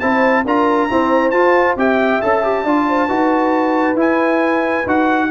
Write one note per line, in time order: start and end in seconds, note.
0.00 0.46 C4
0.00 0.46 E4
0.00 0.44 C5
0.00 0.44 A5
0.45 0.90 D4
0.45 0.90 F4
0.45 0.90 A#4
0.45 1.31 A#5
0.90 1.34 C4
0.90 1.33 E4
0.90 1.79 C5
1.31 1.77 F4
1.31 1.78 F4
1.31 1.75 A5
1.77 2.21 C4
1.77 2.22 G4
1.77 2.64 E5
1.77 2.22 G5
2.22 2.65 C#4
2.22 2.44 A4
2.22 3.98 A5
2.44 2.66 G4
2.64 3.09 D4
2.64 3.09 F4
2.64 2.86 D5
2.89 3.08 C5
3.08 3.95 D#4
3.08 3.96 F#4
3.08 5.29 B4
3.95 4.83 E4
3.95 4.85 E4
3.95 4.89 G#5
4.87 5.31 D#4
4.87 5.31 F#4
4.87 5.31 F#5